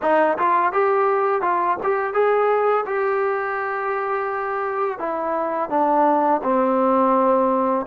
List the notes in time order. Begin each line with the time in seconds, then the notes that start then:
0.02 D#4
0.38 F4
0.72 G4
1.41 F4
1.83 G4
2.13 G#4
2.85 G4
4.98 E4
5.69 D4
6.43 C4